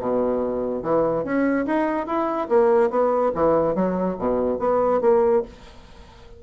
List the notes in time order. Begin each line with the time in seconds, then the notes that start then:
0.00 B2
0.83 E3
1.24 C#4
1.66 D#4
2.07 E4
2.49 A#3
2.90 B3
3.35 E3
3.75 F#3
4.19 B2
4.59 B3
5.01 A#3